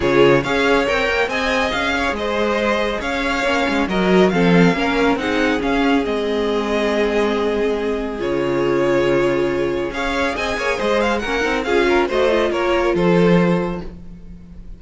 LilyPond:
<<
  \new Staff \with { instrumentName = "violin" } { \time 4/4 \tempo 4 = 139 cis''4 f''4 g''4 gis''4 | f''4 dis''2 f''4~ | f''4 dis''4 f''2 | fis''4 f''4 dis''2~ |
dis''2. cis''4~ | cis''2. f''4 | gis''4 dis''8 f''8 fis''4 f''4 | dis''4 cis''4 c''2 | }
  \new Staff \with { instrumentName = "violin" } { \time 4/4 gis'4 cis''2 dis''4~ | dis''8 cis''8 c''2 cis''4~ | cis''4 ais'4 a'4 ais'4 | gis'1~ |
gis'1~ | gis'2. cis''4 | dis''8 cis''8 c''4 ais'4 gis'8 ais'8 | c''4 ais'4 a'2 | }
  \new Staff \with { instrumentName = "viola" } { \time 4/4 f'4 gis'4 ais'4 gis'4~ | gis'1 | cis'4 fis'4 c'4 cis'4 | dis'4 cis'4 c'2~ |
c'2. f'4~ | f'2. gis'4~ | gis'2 cis'8 dis'8 f'4 | fis'8 f'2.~ f'8 | }
  \new Staff \with { instrumentName = "cello" } { \time 4/4 cis4 cis'4 c'8 ais8 c'4 | cis'4 gis2 cis'4 | ais8 gis8 fis4 f4 ais4 | c'4 cis'4 gis2~ |
gis2. cis4~ | cis2. cis'4 | c'8 ais8 gis4 ais8 c'8 cis'4 | a4 ais4 f2 | }
>>